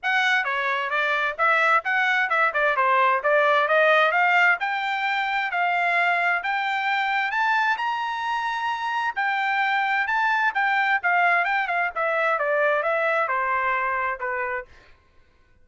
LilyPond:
\new Staff \with { instrumentName = "trumpet" } { \time 4/4 \tempo 4 = 131 fis''4 cis''4 d''4 e''4 | fis''4 e''8 d''8 c''4 d''4 | dis''4 f''4 g''2 | f''2 g''2 |
a''4 ais''2. | g''2 a''4 g''4 | f''4 g''8 f''8 e''4 d''4 | e''4 c''2 b'4 | }